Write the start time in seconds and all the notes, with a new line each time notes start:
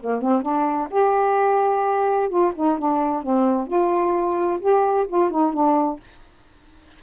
0.00 A#3
0.21 C4
0.42 D4
0.90 G4
2.29 F4
2.55 D#4
2.78 D4
3.22 C4
3.67 F4
4.60 G4
5.07 F4
5.30 D#4
5.53 D4